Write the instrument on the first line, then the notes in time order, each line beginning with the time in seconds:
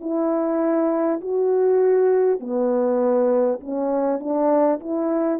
horn
0.00 E4
1.21 F#4
2.39 B3
3.60 C#4
4.19 D4
4.79 E4